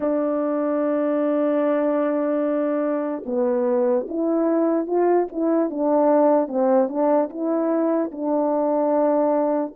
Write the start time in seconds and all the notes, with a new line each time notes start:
0.00 D4
3.25 B3
4.08 E4
4.86 F4
5.31 E4
5.70 D4
6.48 C4
6.88 D4
7.29 E4
8.11 D4